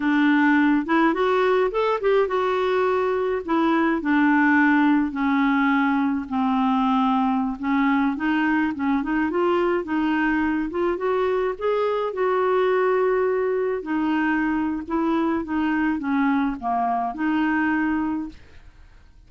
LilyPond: \new Staff \with { instrumentName = "clarinet" } { \time 4/4 \tempo 4 = 105 d'4. e'8 fis'4 a'8 g'8 | fis'2 e'4 d'4~ | d'4 cis'2 c'4~ | c'4~ c'16 cis'4 dis'4 cis'8 dis'16~ |
dis'16 f'4 dis'4. f'8 fis'8.~ | fis'16 gis'4 fis'2~ fis'8.~ | fis'16 dis'4.~ dis'16 e'4 dis'4 | cis'4 ais4 dis'2 | }